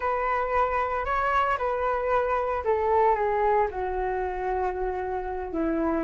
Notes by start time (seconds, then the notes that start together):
0.00 B4
1.05 C#5
1.58 B4
2.64 A4
3.15 G#4
3.70 F#4
5.52 E4